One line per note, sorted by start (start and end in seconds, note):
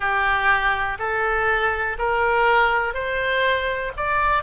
0.00 0.97 G4
0.98 1.97 A4
1.98 2.93 A#4
2.93 3.92 C5
3.96 4.43 D5